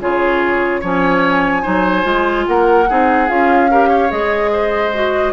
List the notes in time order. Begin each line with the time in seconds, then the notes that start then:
0.00 C#3 F4 G#4 C#5
0.81 F3 C#4 C#5 G#5
1.62 F#3 D#4 C5
2.02 G#3 F4
2.47 A#3 A#4 F#5
2.89 C4 D#4 G#4
3.28 C#4 F4 F5
3.71 G4 A#4
3.89 C#5
4.09 G#3 G#4 D#5
4.53 C5
4.93 F#4